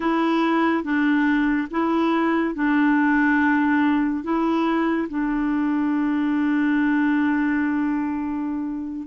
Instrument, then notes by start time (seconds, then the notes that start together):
clarinet
0.00 E4
0.83 D4
1.70 E4
2.54 D4
4.23 E4
5.08 D4